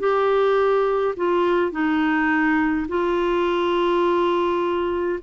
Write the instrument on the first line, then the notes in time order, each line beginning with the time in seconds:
clarinet
0.00 G4
1.17 F4
1.72 D#4
2.89 F4